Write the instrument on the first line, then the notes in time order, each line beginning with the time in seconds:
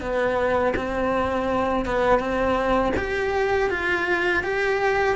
cello
0.00 B3
0.76 C4
1.85 B3
2.19 C4
2.97 G4
3.70 F4
4.43 G4